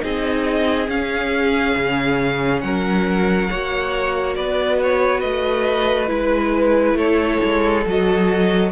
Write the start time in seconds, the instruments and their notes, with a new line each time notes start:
0.00 cello C4, viola D#4, violin G#4 D#5
0.88 viola C#4, cello C#4, violin F5
1.76 cello C#3
2.61 cello F#3, violin A#4 F#5
3.50 cello A#3, viola F#4, violin C#5
4.35 cello B3, violin B4 D5
4.83 violin C#5
5.21 cello A3, violin D#5
6.07 cello G#3, viola E4, violin B4
6.95 cello A3, violin A4 C#5
7.44 cello G#3
7.86 cello F#3, viola F#4, violin D#5